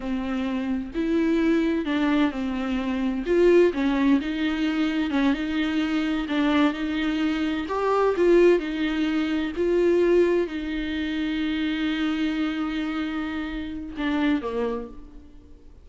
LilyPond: \new Staff \with { instrumentName = "viola" } { \time 4/4 \tempo 4 = 129 c'2 e'2 | d'4 c'2 f'4 | cis'4 dis'2 cis'8 dis'8~ | dis'4. d'4 dis'4.~ |
dis'8 g'4 f'4 dis'4.~ | dis'8 f'2 dis'4.~ | dis'1~ | dis'2 d'4 ais4 | }